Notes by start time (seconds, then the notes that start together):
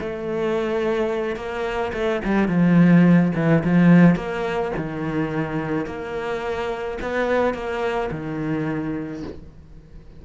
0.00 A3
1.36 A#3
1.93 A3
2.24 G3
2.48 F3
3.35 E3
3.63 F3
4.15 A#3
4.76 D#3
5.85 A#3
7.01 B3
7.53 A#3
8.11 D#3